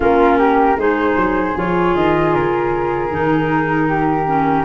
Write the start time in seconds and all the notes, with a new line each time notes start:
0.00 A#3 C#4 F4 A#4
0.37 G4
0.77 G#3 D#4 G#4 C5
1.16 F#3
1.55 F3 F4 C#5
1.95 D#3 D#5
2.34 C#3 A#4
3.11 D#3 D#4
3.88 G4
4.26 C#4